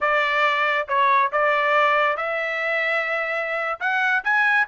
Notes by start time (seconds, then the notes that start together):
0.00 D5
0.88 C#5
1.31 D5
2.16 E5
3.79 F#5
4.24 G#5